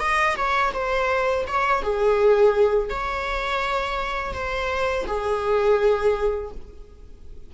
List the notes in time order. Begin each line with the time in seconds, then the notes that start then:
0.00 D#5
0.37 C#5
0.74 C5
1.48 C#5
1.82 G#4
2.90 C#5
4.34 C5
5.07 G#4